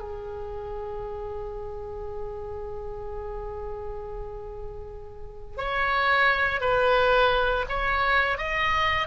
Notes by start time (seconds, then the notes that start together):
0.00 G#4
5.58 C#5
6.61 B4
7.69 C#5
8.38 D#5